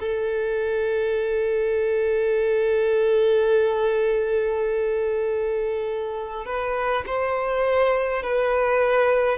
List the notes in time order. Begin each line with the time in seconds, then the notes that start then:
0.00 A4
6.45 B4
7.06 C5
8.22 B4